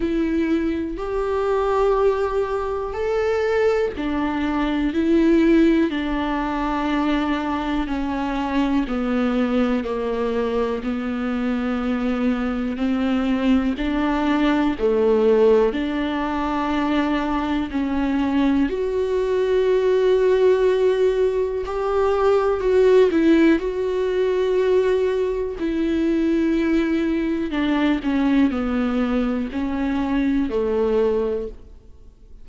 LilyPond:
\new Staff \with { instrumentName = "viola" } { \time 4/4 \tempo 4 = 61 e'4 g'2 a'4 | d'4 e'4 d'2 | cis'4 b4 ais4 b4~ | b4 c'4 d'4 a4 |
d'2 cis'4 fis'4~ | fis'2 g'4 fis'8 e'8 | fis'2 e'2 | d'8 cis'8 b4 cis'4 a4 | }